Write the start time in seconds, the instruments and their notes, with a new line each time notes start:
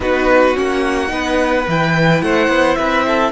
0.00 cello B3, viola D#4, violin F#4 B4
0.54 cello A#3, viola C#4, violin F#5
1.08 cello B3, viola D#4, violin B4
1.67 cello E3, viola E4, violin G5
2.21 cello A3, violin C5 F#5
2.47 cello B3
2.75 cello C4, violin B4 E5
3.07 violin A4